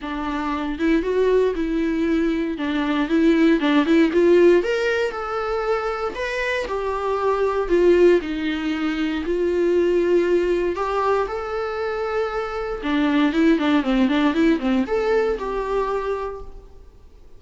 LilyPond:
\new Staff \with { instrumentName = "viola" } { \time 4/4 \tempo 4 = 117 d'4. e'8 fis'4 e'4~ | e'4 d'4 e'4 d'8 e'8 | f'4 ais'4 a'2 | b'4 g'2 f'4 |
dis'2 f'2~ | f'4 g'4 a'2~ | a'4 d'4 e'8 d'8 c'8 d'8 | e'8 c'8 a'4 g'2 | }